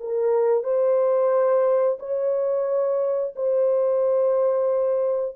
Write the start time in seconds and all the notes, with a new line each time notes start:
0.00 A#4
0.64 C5
1.99 C#5
3.36 C5